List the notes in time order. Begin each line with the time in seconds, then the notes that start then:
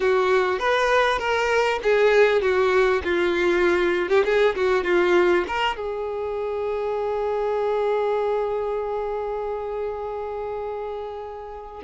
0.00 F#4
0.59 B4
1.18 A#4
1.83 G#4
2.41 F#4
3.03 F4
4.09 G4
4.24 G#4
4.55 F#4
4.84 F4
5.47 A#4
5.76 G#4